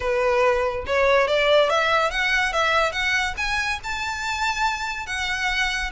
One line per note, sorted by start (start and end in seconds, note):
0.00 0.85 B4
0.86 1.27 C#5
1.27 1.69 D5
1.69 2.10 E5
2.10 2.52 F#5
2.52 2.92 E5
2.92 3.34 F#5
3.37 3.79 G#5
3.83 5.06 A5
5.06 5.90 F#5